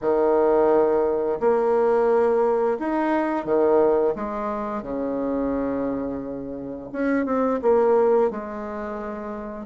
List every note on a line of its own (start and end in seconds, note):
0.01 1.39 D#3
1.40 2.78 A#3
2.79 3.45 D#4
3.45 4.14 D#3
4.15 4.82 G#3
4.82 6.89 C#3
6.92 7.25 C#4
7.25 7.60 C4
7.62 8.30 A#3
8.30 9.66 G#3